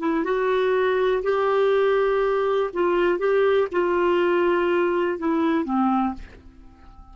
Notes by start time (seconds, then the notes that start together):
0.00 E4
0.25 F#4
1.24 G4
2.74 F4
3.19 G4
3.72 F4
5.19 E4
5.65 C4